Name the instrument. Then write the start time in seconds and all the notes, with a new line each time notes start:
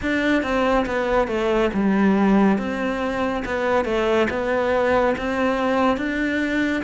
cello
0.02 D4
0.42 C4
0.86 B3
1.27 A3
1.73 G3
2.58 C4
3.45 B3
3.85 A3
4.29 B3
5.17 C4
5.96 D4